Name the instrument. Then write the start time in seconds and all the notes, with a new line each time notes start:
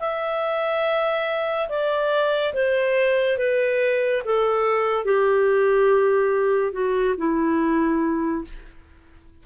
clarinet
0.00 E5
1.69 D5
2.54 C5
3.38 B4
4.25 A4
5.05 G4
6.73 F#4
7.18 E4